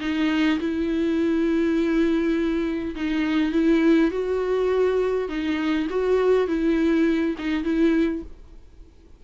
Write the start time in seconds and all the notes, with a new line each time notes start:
0.00 D#4
0.59 E4
2.95 D#4
3.52 E4
4.11 F#4
5.28 D#4
5.90 F#4
6.47 E4
7.38 D#4
7.64 E4